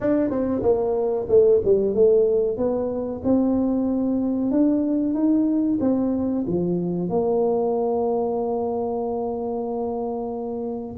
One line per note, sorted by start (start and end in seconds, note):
0.00 0.29 D4
0.29 0.62 C4
0.62 1.26 A#3
1.28 1.61 A3
1.64 1.94 G3
1.94 2.57 A3
2.57 3.21 B3
3.24 4.51 C4
4.51 5.13 D4
5.13 5.78 D#4
5.80 6.45 C4
6.46 7.09 F3
7.09 10.96 A#3